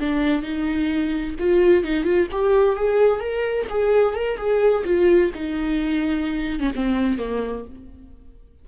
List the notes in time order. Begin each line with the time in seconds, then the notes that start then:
0.00 D4
0.43 D#4
1.40 F4
1.84 D#4
2.04 F4
2.32 G4
2.76 G#4
3.20 A#4
3.70 G#4
4.15 A#4
4.37 G#4
4.85 F4
5.35 D#4
6.60 C#4
6.75 C4
7.19 A#3